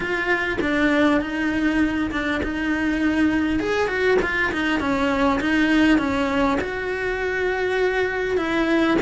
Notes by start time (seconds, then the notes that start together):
0.00 F4
0.61 D4
1.20 D#4
2.11 D4
2.43 D#4
3.59 G#4
3.87 F#4
4.21 F4
4.52 D#4
4.80 C#4
5.40 D#4
5.98 C#4
6.60 F#4
8.37 E4